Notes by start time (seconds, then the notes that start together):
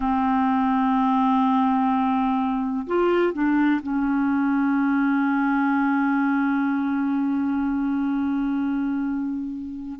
0.00 C4
2.87 F4
3.33 D4
3.82 C#4